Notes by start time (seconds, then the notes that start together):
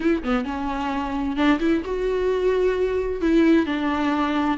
0.00 E4
0.23 B3
0.45 C#4
1.36 D4
1.59 E4
1.84 F#4
3.21 E4
3.66 D4